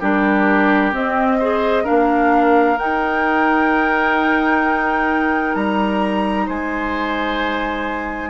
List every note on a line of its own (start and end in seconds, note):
0.00 0.93 G3
0.00 0.92 D4
0.00 1.38 G4
0.00 0.93 A#4
0.92 1.39 C4
0.92 1.85 C4
0.92 1.86 D#5
1.39 1.84 G#4
1.39 1.84 C5
1.84 2.79 A#3
1.84 2.77 D4
1.84 6.46 A#4
1.84 2.78 F5
2.78 5.56 D#4
2.78 8.30 D#4
2.78 5.55 G5
5.55 6.48 G3
5.55 6.47 A#5
6.46 8.30 G#3
6.46 8.30 C5
6.46 8.30 G#5